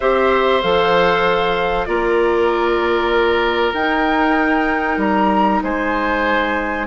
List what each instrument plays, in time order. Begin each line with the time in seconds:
0.00 bassoon C4, clarinet G4, oboe C5, flute E5
0.61 bassoon F3, clarinet A4, flute F5
1.85 bassoon A#3, clarinet F4, oboe A#4, flute D5
3.73 bassoon D#4, clarinet D#4, flute G5
4.97 bassoon G3, flute A#5
5.63 bassoon G#3, oboe C5, flute G#5